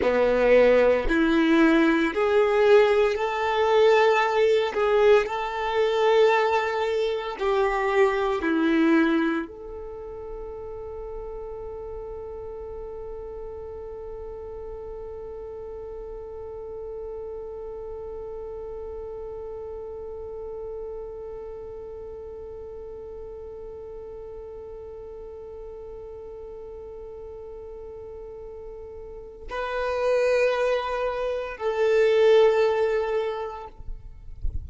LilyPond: \new Staff \with { instrumentName = "violin" } { \time 4/4 \tempo 4 = 57 b4 e'4 gis'4 a'4~ | a'8 gis'8 a'2 g'4 | e'4 a'2.~ | a'1~ |
a'1~ | a'1~ | a'1 | b'2 a'2 | }